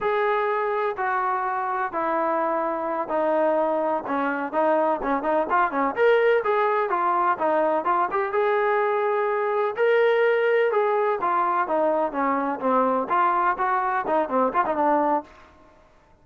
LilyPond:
\new Staff \with { instrumentName = "trombone" } { \time 4/4 \tempo 4 = 126 gis'2 fis'2 | e'2~ e'8 dis'4.~ | dis'8 cis'4 dis'4 cis'8 dis'8 f'8 | cis'8 ais'4 gis'4 f'4 dis'8~ |
dis'8 f'8 g'8 gis'2~ gis'8~ | gis'8 ais'2 gis'4 f'8~ | f'8 dis'4 cis'4 c'4 f'8~ | f'8 fis'4 dis'8 c'8 f'16 dis'16 d'4 | }